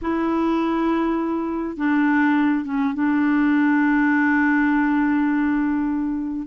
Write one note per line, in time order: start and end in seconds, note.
0.01 1.76 E4
1.76 2.64 D4
2.64 2.94 C#4
2.94 6.47 D4